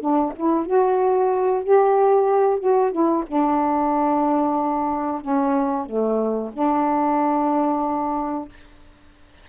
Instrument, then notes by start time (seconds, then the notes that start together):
saxophone
0.00 D4
0.36 E4
0.66 F#4
1.63 G4
2.59 F#4
2.91 E4
3.27 D4
5.21 C#4
5.86 A3
6.52 D4